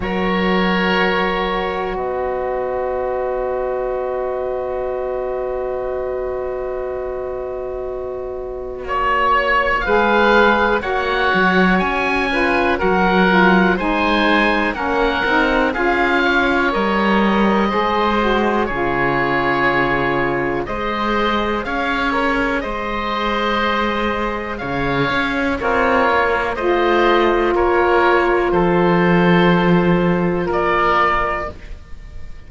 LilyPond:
<<
  \new Staff \with { instrumentName = "oboe" } { \time 4/4 \tempo 4 = 61 cis''2 dis''2~ | dis''1~ | dis''4 cis''4 f''4 fis''4 | gis''4 fis''4 gis''4 fis''4 |
f''4 dis''2 cis''4~ | cis''4 dis''4 f''8 ais'8 dis''4~ | dis''4 f''4 cis''4 dis''4 | cis''4 c''2 d''4 | }
  \new Staff \with { instrumentName = "oboe" } { \time 4/4 ais'2 b'2~ | b'1~ | b'4 cis''4 b'4 cis''4~ | cis''8 b'8 ais'4 c''4 ais'4 |
gis'8 cis''4. c''4 gis'4~ | gis'4 c''4 cis''4 c''4~ | c''4 cis''4 f'4 c''4 | ais'4 a'2 ais'4 | }
  \new Staff \with { instrumentName = "saxophone" } { \time 4/4 fis'1~ | fis'1~ | fis'2 gis'4 fis'4~ | fis'8 f'8 fis'8 f'8 dis'4 cis'8 dis'8 |
f'4 ais'4 gis'8 fis'8 f'4~ | f'4 gis'2.~ | gis'2 ais'4 f'4~ | f'1 | }
  \new Staff \with { instrumentName = "cello" } { \time 4/4 fis2 b2~ | b1~ | b4 ais4 gis4 ais8 fis8 | cis'4 fis4 gis4 ais8 c'8 |
cis'4 g4 gis4 cis4~ | cis4 gis4 cis'4 gis4~ | gis4 cis8 cis'8 c'8 ais8 a4 | ais4 f2 ais4 | }
>>